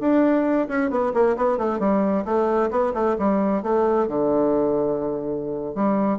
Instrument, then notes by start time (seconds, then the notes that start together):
bassoon
0.00 D4
0.68 C#4
0.90 B3
1.14 A#3
1.36 B3
1.57 A3
1.79 G3
2.25 A3
2.70 B3
2.94 A3
3.19 G3
3.63 A3
4.08 D3
5.75 G3